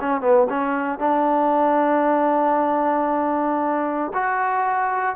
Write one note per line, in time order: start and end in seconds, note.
0.00 0.21 C#4
0.21 0.47 B3
0.49 0.99 C#4
0.99 4.12 D4
4.14 5.16 F#4